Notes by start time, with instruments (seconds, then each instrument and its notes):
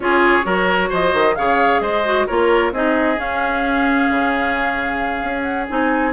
0.00 bassoon C#4, clarinet F4, oboe G#4, flute C#5
0.42 bassoon F#3, clarinet F#4, oboe A#4
0.89 bassoon F3, oboe C5, flute D#5
1.13 bassoon D#3
1.35 bassoon C#3, clarinet G#4, oboe C#5, flute F5
1.80 bassoon G#3, oboe C5, flute D#5
2.05 clarinet F#4
2.26 bassoon A#3, clarinet F4, oboe A#4, flute C#5
2.72 bassoon C4, clarinet D#4, oboe G#4, flute D#5
3.16 clarinet C#4, bassoon C#4, flute F5
4.10 bassoon C#3
5.21 bassoon C#4
5.42 flute F#5
5.69 bassoon C4, clarinet D#4, flute G#5